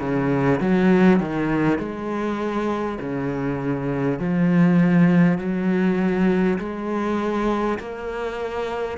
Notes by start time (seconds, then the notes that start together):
0.00 C#3
0.60 F#3
1.19 D#3
1.79 G#3
2.99 C#3
4.19 F3
5.38 F#3
6.58 G#3
7.79 A#3